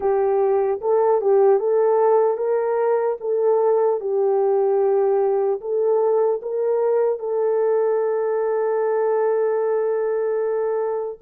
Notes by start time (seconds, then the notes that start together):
0.00 G4
0.81 A4
1.21 G4
1.59 A4
2.37 A#4
3.20 A4
4.00 G4
5.60 A4
6.42 A#4
7.19 A4